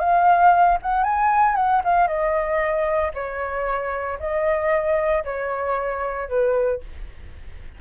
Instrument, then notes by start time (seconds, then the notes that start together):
flute
0.00 F5
0.82 F#5
1.04 G#5
1.56 F#5
1.84 F5
2.07 D#5
3.14 C#5
4.19 D#5
5.24 C#5
6.28 B4